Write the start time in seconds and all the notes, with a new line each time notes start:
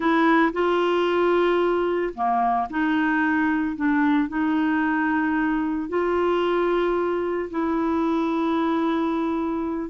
0.00 E4
0.53 F4
2.14 A#3
2.70 D#4
3.75 D4
4.28 D#4
5.89 F4
7.50 E4